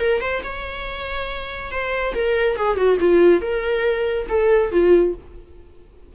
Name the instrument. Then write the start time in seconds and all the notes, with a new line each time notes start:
viola
0.00 A#4
0.21 C5
0.43 C#5
1.72 C5
2.15 A#4
2.57 G#4
2.77 F#4
3.00 F4
3.42 A#4
4.29 A4
4.72 F4